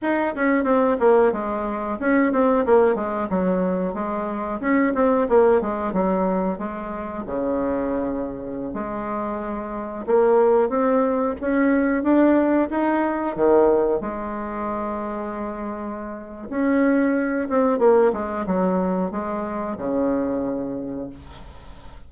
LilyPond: \new Staff \with { instrumentName = "bassoon" } { \time 4/4 \tempo 4 = 91 dis'8 cis'8 c'8 ais8 gis4 cis'8 c'8 | ais8 gis8 fis4 gis4 cis'8 c'8 | ais8 gis8 fis4 gis4 cis4~ | cis4~ cis16 gis2 ais8.~ |
ais16 c'4 cis'4 d'4 dis'8.~ | dis'16 dis4 gis2~ gis8.~ | gis4 cis'4. c'8 ais8 gis8 | fis4 gis4 cis2 | }